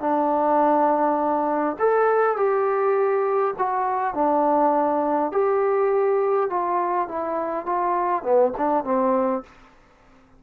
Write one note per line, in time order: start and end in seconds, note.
0.00 1.76 D4
1.79 2.36 A4
2.36 3.54 G4
3.58 4.14 F#4
4.14 5.32 D4
5.32 6.49 G4
6.49 7.08 F4
7.08 7.66 E4
7.66 8.23 F4
8.23 8.52 B3
8.57 8.84 D4
8.84 9.43 C4